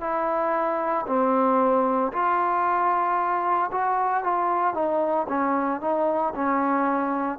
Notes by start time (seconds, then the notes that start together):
0.00 E4
1.06 C4
2.12 F4
3.71 F#4
4.23 F4
4.74 D#4
5.28 C#4
5.80 D#4
6.34 C#4